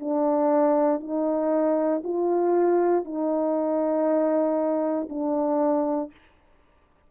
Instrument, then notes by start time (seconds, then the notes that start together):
horn
0.00 D4
1.01 D#4
2.04 F4
3.05 D#4
5.10 D4